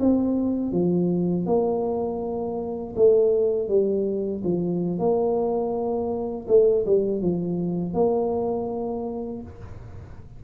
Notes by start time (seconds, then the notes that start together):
0.00 C4
0.72 F3
1.46 A#3
2.96 A3
3.69 G3
4.44 F3
4.99 A#3
6.48 A3
6.86 G3
7.22 F3
7.94 A#3